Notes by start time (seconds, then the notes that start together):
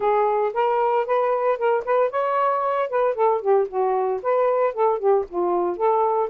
0.00 G#4
0.53 A#4
1.06 B4
1.57 A#4
1.84 B4
2.10 C#5
2.89 B4
3.14 A4
3.41 G4
3.68 F#4
4.22 B4
4.73 A4
4.98 G4
5.28 F4
5.77 A4